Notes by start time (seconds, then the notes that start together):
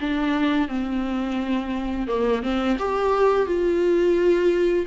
0.00 D4
0.68 C4
2.07 A#3
2.43 C4
2.78 G4
3.46 F4